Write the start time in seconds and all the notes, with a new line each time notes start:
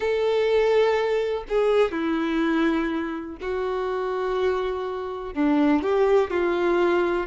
0.00 A4
1.48 G#4
1.91 E4
3.41 F#4
5.34 D4
5.82 G4
6.30 F4